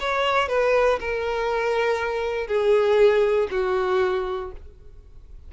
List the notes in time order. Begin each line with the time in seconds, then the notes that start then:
0.00 C#5
0.49 B4
1.00 A#4
2.48 G#4
3.51 F#4